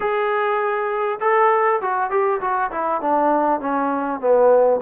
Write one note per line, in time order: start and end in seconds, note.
0.00 1.19 G#4
1.20 1.80 A4
1.81 2.10 F#4
2.10 2.40 G4
2.40 2.70 F#4
2.71 3.01 E4
3.01 3.60 D4
3.60 4.20 C#4
4.20 4.80 B3